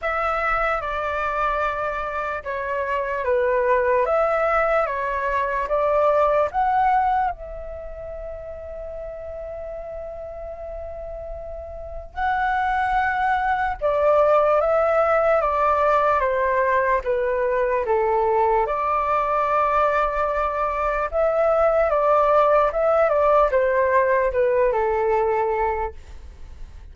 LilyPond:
\new Staff \with { instrumentName = "flute" } { \time 4/4 \tempo 4 = 74 e''4 d''2 cis''4 | b'4 e''4 cis''4 d''4 | fis''4 e''2.~ | e''2. fis''4~ |
fis''4 d''4 e''4 d''4 | c''4 b'4 a'4 d''4~ | d''2 e''4 d''4 | e''8 d''8 c''4 b'8 a'4. | }